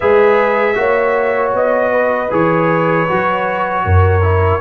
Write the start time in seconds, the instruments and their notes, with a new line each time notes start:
0.00 tuba G#3, trombone G#4, horn B4, trumpet E5
0.75 tuba A#3, trombone F#4, horn C#5
1.53 tuba B3, trumpet D#5
1.91 horn B4
2.30 tuba E3, trombone G#4, trumpet C#5
3.08 tuba F#3, trombone F#4
3.84 tuba F#2, horn A#4
4.21 trombone E4